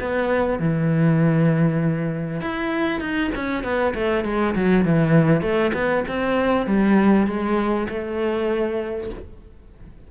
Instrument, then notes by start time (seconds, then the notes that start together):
cello
0.00 B3
0.59 E3
2.41 E4
3.00 D#4
3.35 C#4
3.63 B3
3.94 A3
4.25 G#3
4.55 F#3
4.85 E3
5.42 A3
5.74 B3
6.08 C4
6.66 G3
7.27 G#3
7.89 A3